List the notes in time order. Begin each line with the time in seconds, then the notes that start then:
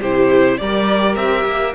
0.00 C3 E4 G4 C5
0.57 G3 G4 A#4 D5
1.15 C4 E5
1.45 A#3